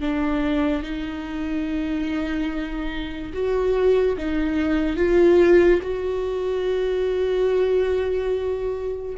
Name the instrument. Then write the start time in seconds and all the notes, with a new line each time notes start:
viola
0.00 D4
0.83 D#4
3.33 F#4
4.17 D#4
4.97 F4
5.82 F#4